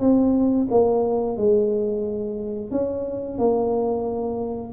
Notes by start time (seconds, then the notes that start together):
0.00 C4
0.70 A#3
1.37 G#3
2.71 C#4
3.38 A#3